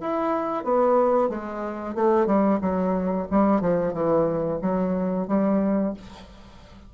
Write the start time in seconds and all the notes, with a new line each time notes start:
0.00 E4
0.64 B3
1.29 G#3
1.95 A3
2.26 G3
2.61 F#3
3.31 G3
3.61 F3
3.93 E3
4.61 F#3
5.27 G3